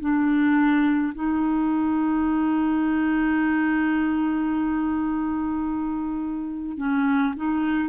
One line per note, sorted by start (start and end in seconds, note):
0.00 1.13 D4
1.14 6.77 D#4
6.77 7.34 C#4
7.36 7.89 D#4